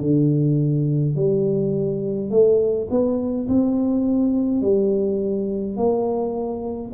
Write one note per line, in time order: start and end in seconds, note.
0.00 1.15 D3
1.15 2.30 G3
2.30 2.87 A3
2.90 3.47 B3
3.48 4.61 C4
4.61 5.76 G3
5.76 6.92 A#3